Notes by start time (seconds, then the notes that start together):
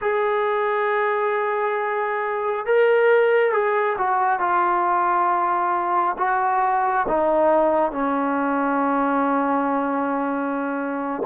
0.01 G#4
2.66 A#4
3.52 G#4
3.97 F#4
4.39 F4
6.18 F#4
7.08 D#4
7.91 C#4